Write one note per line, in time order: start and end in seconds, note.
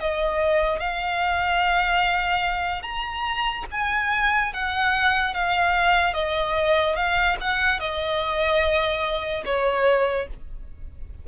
0.00 0.80 D#5
0.80 2.83 F5
2.83 3.65 A#5
3.71 4.54 G#5
4.54 5.34 F#5
5.34 6.14 F5
6.14 6.96 D#5
6.96 7.37 F5
7.41 7.80 F#5
7.80 9.44 D#5
9.45 10.27 C#5